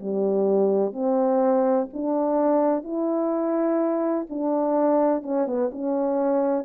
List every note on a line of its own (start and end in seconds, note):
0.00 0.93 G3
0.93 1.88 C4
1.94 2.84 D4
2.84 4.27 E4
4.30 5.23 D4
5.23 5.47 C#4
5.47 5.71 B3
5.72 6.65 C#4